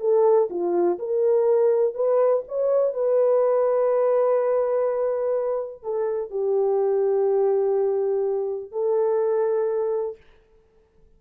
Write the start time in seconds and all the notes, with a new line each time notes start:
0.00 A4
0.50 F4
0.99 A#4
1.94 B4
2.48 C#5
2.94 B4
5.83 A4
6.31 G4
8.72 A4